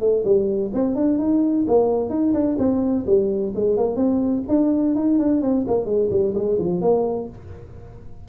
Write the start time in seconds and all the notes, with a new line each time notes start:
0.00 A3
0.24 G3
0.74 C4
0.95 D4
1.18 D#4
1.67 A#3
2.09 D#4
2.33 D4
2.58 C4
3.06 G3
3.55 G#3
3.77 A#3
3.96 C4
4.48 D4
4.95 D#4
5.19 D4
5.42 C4
5.67 A#3
5.85 G#3
6.10 G3
6.34 G#3
6.58 F3
6.81 A#3